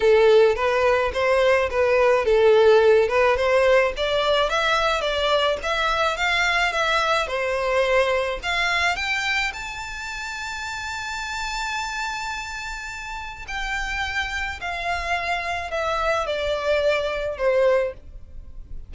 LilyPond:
\new Staff \with { instrumentName = "violin" } { \time 4/4 \tempo 4 = 107 a'4 b'4 c''4 b'4 | a'4. b'8 c''4 d''4 | e''4 d''4 e''4 f''4 | e''4 c''2 f''4 |
g''4 a''2.~ | a''1 | g''2 f''2 | e''4 d''2 c''4 | }